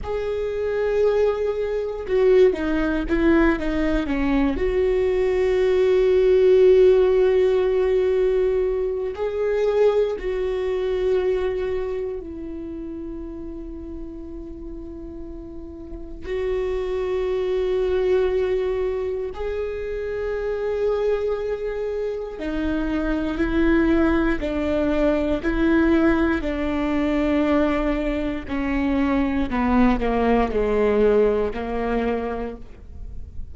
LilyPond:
\new Staff \with { instrumentName = "viola" } { \time 4/4 \tempo 4 = 59 gis'2 fis'8 dis'8 e'8 dis'8 | cis'8 fis'2.~ fis'8~ | fis'4 gis'4 fis'2 | e'1 |
fis'2. gis'4~ | gis'2 dis'4 e'4 | d'4 e'4 d'2 | cis'4 b8 ais8 gis4 ais4 | }